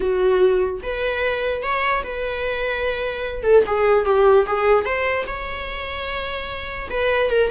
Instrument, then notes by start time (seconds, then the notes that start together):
viola
0.00 F#4
0.83 B4
1.62 C#5
2.03 B4
3.43 A4
3.66 G#4
4.05 G4
4.46 G#4
4.85 C5
5.26 C#5
6.90 B4
7.30 A#4